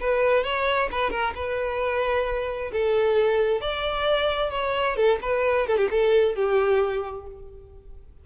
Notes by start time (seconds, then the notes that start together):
0.00 B4
0.43 C#5
0.91 B4
1.10 A#4
1.35 B4
2.72 A4
3.61 D5
4.50 C#5
4.96 A4
5.21 B4
5.67 A4
5.77 G4
5.90 A4
6.35 G4